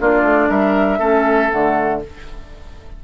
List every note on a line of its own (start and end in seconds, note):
0.00 0.22 A#3
0.00 0.99 D4
0.00 0.49 F4
0.00 0.50 D5
0.22 0.47 A3
0.49 0.99 G3
0.49 0.98 A#4
0.49 1.50 E5
0.98 1.50 A3
0.98 1.49 C#4
0.98 2.00 A4
1.49 2.03 D3
1.49 2.00 A3
1.49 2.01 F#5